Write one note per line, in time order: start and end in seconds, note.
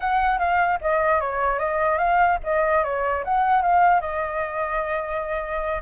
0.00 0.38 F#5
0.38 0.79 F5
0.81 1.20 D#5
1.20 1.58 C#5
1.58 1.98 D#5
1.98 2.38 F5
2.43 2.83 D#5
2.83 3.23 C#5
3.24 3.61 F#5
3.61 4.01 F5
4.01 5.82 D#5